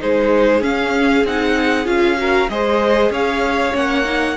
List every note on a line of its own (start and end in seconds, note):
0.00 0.62 G#3
0.00 0.62 D#4
0.00 2.19 G#4
0.00 0.63 C5
0.62 1.24 C#4
0.62 1.26 F5
1.24 1.86 C4
1.24 1.85 D#4
1.24 1.87 F#5
1.85 2.49 C#4
1.85 2.16 F4
1.85 2.49 F5
2.17 2.49 F#4
2.17 2.51 A#4
2.49 3.10 G#3
2.49 3.73 G#4
2.49 3.12 C5
2.49 3.12 D#5
3.10 3.73 C#4
3.10 4.37 C#5
3.10 3.76 F5
3.73 4.37 A#3
3.73 4.04 C#4
3.73 4.37 F#5
4.05 4.36 D#4